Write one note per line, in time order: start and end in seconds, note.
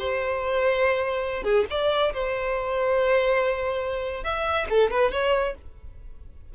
0.00 1.44 C5
1.44 1.65 G#4
1.70 2.13 D5
2.14 4.24 C5
4.24 4.67 E5
4.70 4.91 A4
4.91 5.12 B4
5.12 5.55 C#5